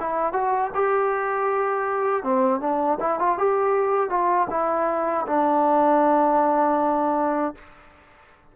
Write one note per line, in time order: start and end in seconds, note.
0.00 0.33 E4
0.33 0.71 F#4
0.75 2.23 G4
2.23 2.61 C4
2.61 2.99 D4
3.00 3.19 E4
3.19 3.38 F4
3.38 4.10 G4
4.10 4.48 F4
4.50 5.26 E4
5.27 7.55 D4